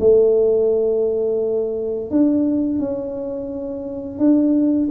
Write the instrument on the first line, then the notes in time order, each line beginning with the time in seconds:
tuba
0.00 A3
2.11 D4
2.79 C#4
4.19 D4